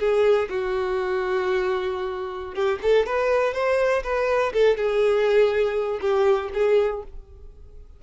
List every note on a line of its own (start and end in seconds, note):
0.00 0.49 G#4
0.50 2.55 F#4
2.55 2.80 G4
2.83 3.07 A4
3.07 3.54 B4
3.54 4.04 C5
4.04 4.53 B4
4.54 4.77 A4
4.77 6.00 G#4
6.01 6.51 G4
6.55 7.04 G#4